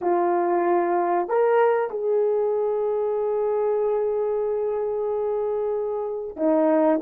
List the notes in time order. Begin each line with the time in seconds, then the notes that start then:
0.01 F4
1.28 A#4
1.90 G#4
6.36 D#4